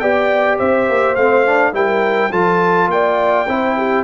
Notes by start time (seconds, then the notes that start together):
0.00 B3 G4 D5 G5
0.58 C4 C5 E5
0.89 A#3
1.16 A3 C4 F5
1.46 D4
1.73 G3 E4 A#4 G5
2.31 F3 F4 A4 A5
2.88 A#3 D5 G5
3.48 C4 E4 C5
3.77 G4